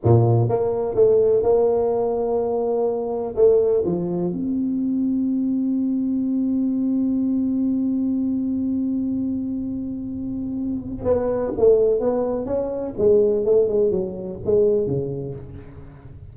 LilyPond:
\new Staff \with { instrumentName = "tuba" } { \time 4/4 \tempo 4 = 125 ais,4 ais4 a4 ais4~ | ais2. a4 | f4 c'2.~ | c'1~ |
c'1~ | c'2. b4 | a4 b4 cis'4 gis4 | a8 gis8 fis4 gis4 cis4 | }